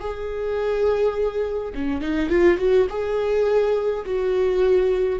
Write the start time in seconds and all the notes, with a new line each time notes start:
0.00 G#4
1.74 C#4
2.01 D#4
2.30 F4
2.58 F#4
2.90 G#4
4.05 F#4